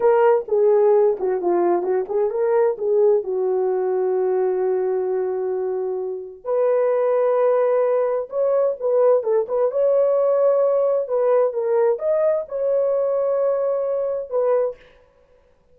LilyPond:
\new Staff \with { instrumentName = "horn" } { \time 4/4 \tempo 4 = 130 ais'4 gis'4. fis'8 f'4 | fis'8 gis'8 ais'4 gis'4 fis'4~ | fis'1~ | fis'2 b'2~ |
b'2 cis''4 b'4 | a'8 b'8 cis''2. | b'4 ais'4 dis''4 cis''4~ | cis''2. b'4 | }